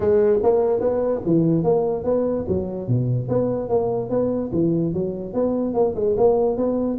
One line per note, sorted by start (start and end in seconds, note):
0.00 0.39 G#3
0.42 0.80 A#3
0.80 1.21 B3
1.25 1.63 E3
1.63 2.03 A#3
2.03 2.45 B3
2.48 2.88 F#3
2.88 3.28 B2
3.28 3.68 B3
3.68 4.09 A#3
4.09 4.50 B3
4.52 4.93 E3
4.93 5.33 F#3
5.33 5.74 B3
5.74 5.94 A#3
5.95 6.16 G#3
6.17 6.56 A#3
6.56 6.98 B3